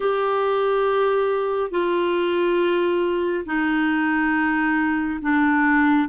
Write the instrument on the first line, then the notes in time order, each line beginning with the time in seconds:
clarinet
0.00 G4
1.70 F4
3.45 D#4
5.21 D4